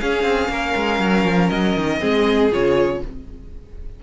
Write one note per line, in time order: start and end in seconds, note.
0.00 0.23 C#4
0.00 2.00 C#4
0.00 0.51 G#4
0.00 1.49 F5
0.23 0.49 C4
0.49 0.74 A#3
0.49 2.00 A#4
0.76 0.99 G#3
0.99 1.25 F#3
1.25 1.50 F3
1.49 1.77 F#3
1.49 2.50 D#5
1.77 2.02 D#3
2.00 2.52 G#3
2.00 2.51 C4
2.00 3.01 G#4
2.52 3.02 C#3
2.52 3.02 F4
2.52 3.04 C#5